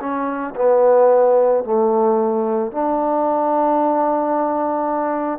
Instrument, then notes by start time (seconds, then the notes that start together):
trombone
0.00 C#4
0.56 B3
1.64 A3
2.71 D4